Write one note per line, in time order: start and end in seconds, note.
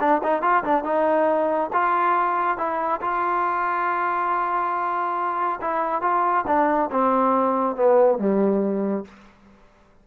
0.00 0.22 D4
0.23 0.42 D#4
0.42 0.64 F4
0.64 0.84 D4
0.84 1.71 D#4
1.73 2.58 F4
2.58 3.01 E4
3.01 5.60 F4
5.61 6.02 E4
6.02 6.45 F4
6.47 6.90 D4
6.91 7.76 C4
7.76 8.19 B3
8.19 9.05 G3